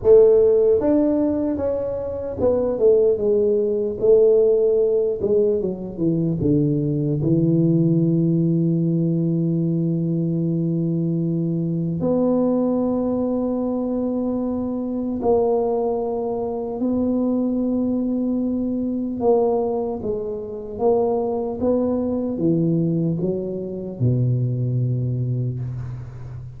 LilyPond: \new Staff \with { instrumentName = "tuba" } { \time 4/4 \tempo 4 = 75 a4 d'4 cis'4 b8 a8 | gis4 a4. gis8 fis8 e8 | d4 e2.~ | e2. b4~ |
b2. ais4~ | ais4 b2. | ais4 gis4 ais4 b4 | e4 fis4 b,2 | }